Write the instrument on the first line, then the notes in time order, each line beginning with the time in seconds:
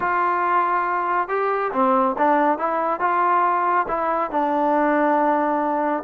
trombone
0.00 F4
1.28 G4
1.72 C4
2.18 D4
2.58 E4
3.00 F4
3.88 E4
4.30 D4